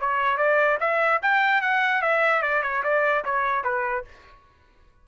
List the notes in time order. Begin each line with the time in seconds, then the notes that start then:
0.00 C#5
0.37 D5
0.80 E5
1.22 G5
1.61 F#5
2.02 E5
2.42 D5
2.63 C#5
2.83 D5
3.24 C#5
3.64 B4